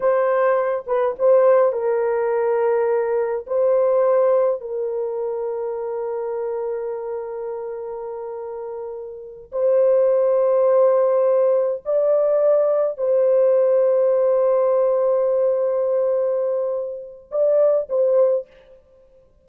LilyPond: \new Staff \with { instrumentName = "horn" } { \time 4/4 \tempo 4 = 104 c''4. b'8 c''4 ais'4~ | ais'2 c''2 | ais'1~ | ais'1~ |
ais'8 c''2.~ c''8~ | c''8 d''2 c''4.~ | c''1~ | c''2 d''4 c''4 | }